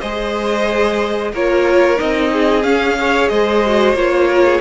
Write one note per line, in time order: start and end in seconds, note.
0.00 1.33 G#3
0.00 1.35 G#4
0.00 1.32 C5
0.00 1.33 D#5
1.32 1.99 A#3
1.32 1.96 F4
1.32 2.31 A#4
1.32 1.99 C#5
1.96 2.64 C4
1.96 2.62 D#4
1.96 2.64 D#5
2.33 2.98 G#4
2.63 2.96 C#4
2.63 3.30 C#4
2.63 3.29 F5
2.97 3.63 G#4
2.97 3.31 C#5
3.29 3.94 G#3
3.29 4.28 C5
3.29 3.95 D#5
3.66 3.96 F#4
3.94 4.60 A#3
3.94 4.61 F4
3.94 4.61 C#5
4.28 4.44 A#4
4.45 4.61 G#4